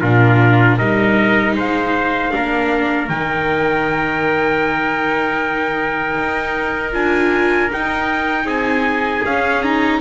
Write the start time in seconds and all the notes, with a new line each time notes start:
0.00 A#2 D4 F4 A#4
0.77 G3 D#4 A#4 D#5
1.55 G#3 C5 F5
2.31 A#3 D4 A#4
3.08 D#3 D#4 G5
6.17 D#4
6.92 D4 F4 G#5
7.71 D#4 G5
8.45 C4 G#4 G#5
9.25 C#4 F5
9.62 D#4 A#5